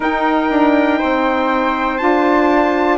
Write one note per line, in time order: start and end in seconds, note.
0.00 0.49 D#4
0.00 1.99 D#4
0.00 0.98 A#4
0.00 1.97 G5
0.50 1.00 D4
0.98 2.01 C4
0.98 2.98 C5
1.97 2.98 D4
1.97 2.98 F4
1.97 2.97 A5